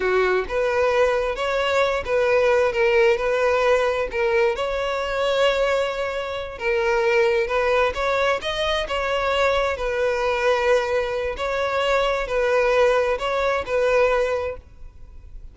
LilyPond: \new Staff \with { instrumentName = "violin" } { \time 4/4 \tempo 4 = 132 fis'4 b'2 cis''4~ | cis''8 b'4. ais'4 b'4~ | b'4 ais'4 cis''2~ | cis''2~ cis''8 ais'4.~ |
ais'8 b'4 cis''4 dis''4 cis''8~ | cis''4. b'2~ b'8~ | b'4 cis''2 b'4~ | b'4 cis''4 b'2 | }